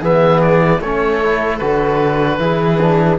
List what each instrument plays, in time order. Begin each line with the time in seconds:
0.00 cello E3, trombone B3, viola G#4, oboe E5
0.42 oboe D5
0.80 cello A3, trombone C#4, viola A4, oboe C#5
1.23 trombone E4
1.58 cello D3, trombone F#4, oboe B4
2.39 cello E3, trombone E4, viola G#4
2.82 trombone D4